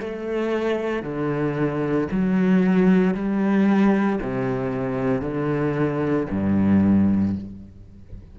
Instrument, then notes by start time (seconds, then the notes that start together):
cello
0.00 A3
1.03 D3
2.12 F#3
3.15 G3
4.22 C3
5.22 D3
6.31 G2